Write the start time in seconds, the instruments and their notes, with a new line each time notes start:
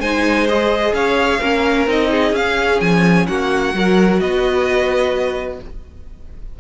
0.00 cello G#3, viola D#4, violin C5 G#5
0.48 viola G#4, violin D#5
0.93 cello C#4, violin C#5 F5
1.40 cello A#3, viola C#4, violin A#4
1.87 cello C4, viola D#4, violin D#5
2.11 violin G#4
2.33 cello C#4, viola C#4, violin F5
2.81 cello F3, violin G#5
3.27 cello A#3, violin F#4 F#5
3.73 cello F#3, viola F#4, violin A#4
4.20 cello B3, violin B4 D#5